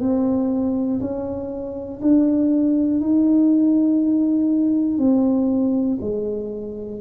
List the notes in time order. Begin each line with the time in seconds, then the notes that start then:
0.00 C4
1.00 C#4
2.01 D4
3.00 D#4
4.98 C4
6.00 G#3